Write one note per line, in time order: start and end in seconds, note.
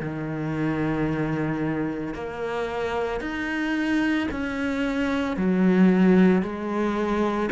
0.00 2.14 D#3
2.14 3.20 A#3
3.20 4.28 D#4
4.31 5.37 C#4
5.37 6.42 F#3
6.42 7.50 G#3